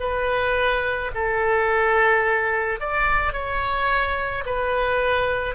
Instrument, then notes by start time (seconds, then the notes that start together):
oboe
0.00 B4
1.14 A4
2.80 D5
3.32 C#5
4.45 B4